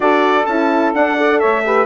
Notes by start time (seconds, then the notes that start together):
0.00 D4 F#4 A4 D5
0.46 C#4 E4 A5
0.94 D4 F#5
1.17 A4 D5
1.39 A3 C#5 E5
1.65 G4 B4